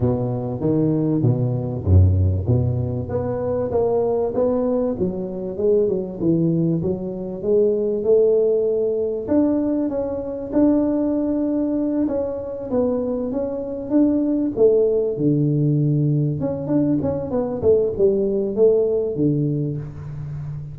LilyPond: \new Staff \with { instrumentName = "tuba" } { \time 4/4 \tempo 4 = 97 b,4 dis4 b,4 fis,4 | b,4 b4 ais4 b4 | fis4 gis8 fis8 e4 fis4 | gis4 a2 d'4 |
cis'4 d'2~ d'8 cis'8~ | cis'8 b4 cis'4 d'4 a8~ | a8 d2 cis'8 d'8 cis'8 | b8 a8 g4 a4 d4 | }